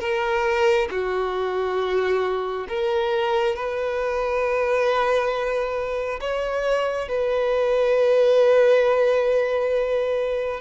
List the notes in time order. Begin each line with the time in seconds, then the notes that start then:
0.00 A#4
0.91 F#4
2.68 A#4
3.55 B4
6.20 C#5
7.08 B4